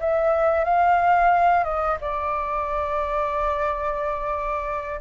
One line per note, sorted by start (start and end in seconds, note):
0.00 0.64 E5
0.64 1.64 F5
1.64 1.97 D#5
2.01 5.01 D5